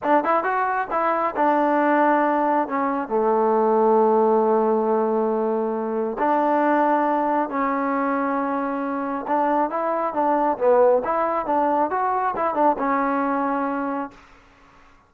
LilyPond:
\new Staff \with { instrumentName = "trombone" } { \time 4/4 \tempo 4 = 136 d'8 e'8 fis'4 e'4 d'4~ | d'2 cis'4 a4~ | a1~ | a2 d'2~ |
d'4 cis'2.~ | cis'4 d'4 e'4 d'4 | b4 e'4 d'4 fis'4 | e'8 d'8 cis'2. | }